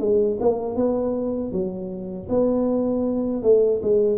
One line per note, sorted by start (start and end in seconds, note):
0.00 0.38 G#3
0.41 0.76 A#3
0.76 1.52 B3
1.52 2.28 F#3
2.29 3.43 B3
3.43 3.81 A3
3.83 4.18 G#3